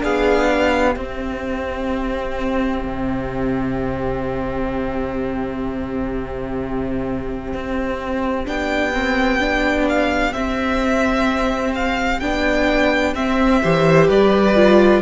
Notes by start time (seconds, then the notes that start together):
0.00 B3 D4 G#4 F5
0.51 G4
0.96 C4 E5
2.84 C3
7.53 C4
8.45 B3 D4 G5
8.93 C4
9.40 D4
9.89 F5
10.32 C4 E5
11.75 F5
12.20 B3 D4 G5
13.14 C4 E5
13.62 E3 G4 C5
14.08 G3 B4 D5
14.56 F4